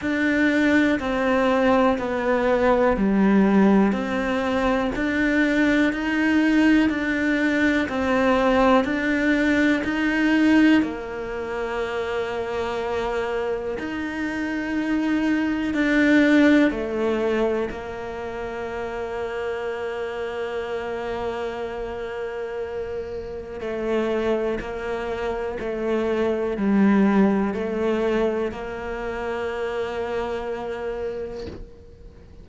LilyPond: \new Staff \with { instrumentName = "cello" } { \time 4/4 \tempo 4 = 61 d'4 c'4 b4 g4 | c'4 d'4 dis'4 d'4 | c'4 d'4 dis'4 ais4~ | ais2 dis'2 |
d'4 a4 ais2~ | ais1 | a4 ais4 a4 g4 | a4 ais2. | }